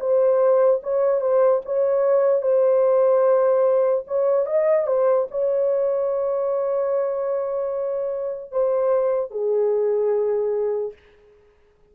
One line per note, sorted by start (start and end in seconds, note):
0.00 0.81 C5
0.83 1.21 C#5
1.21 1.61 C5
1.65 2.42 C#5
2.42 4.04 C5
4.07 4.46 C#5
4.46 4.87 D#5
4.87 5.27 C5
5.31 8.51 C#5
8.51 9.31 C5
9.31 10.93 G#4